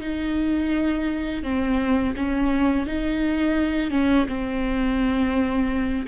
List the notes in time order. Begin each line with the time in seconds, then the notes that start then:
0.00 D#4
1.43 C4
2.16 C#4
2.86 D#4
3.90 C#4
4.28 C4